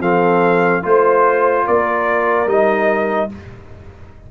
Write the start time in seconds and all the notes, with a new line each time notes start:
0.00 F3 C4 A4 F5
0.83 A3 F4 C5
1.66 A#3 A#4 D5
2.47 G3 D#4 D#5